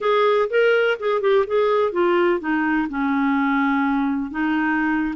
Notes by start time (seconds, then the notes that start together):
0.00 G#4
0.50 A#4
0.99 G#4
1.21 G4
1.46 G#4
1.92 F4
2.40 D#4
2.89 C#4
4.31 D#4